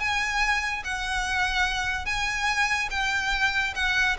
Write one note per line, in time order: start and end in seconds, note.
0.00 0.83 G#5
0.84 2.06 F#5
2.06 2.89 G#5
2.91 3.74 G5
3.76 4.17 F#5